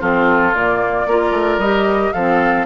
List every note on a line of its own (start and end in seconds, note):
0.00 0.54 F3
0.00 0.53 C4
0.00 1.07 F4
0.00 0.55 A4
0.55 1.07 A#2
0.55 1.08 A#3
0.55 1.59 D5
1.07 1.31 A#3
1.07 1.62 F4
1.07 2.13 A#4
1.31 1.58 A3
1.58 2.11 G3
1.58 2.15 G4
1.58 2.12 D#5
2.13 2.66 F3
2.13 2.66 C4
2.13 2.66 A4
2.13 2.66 F5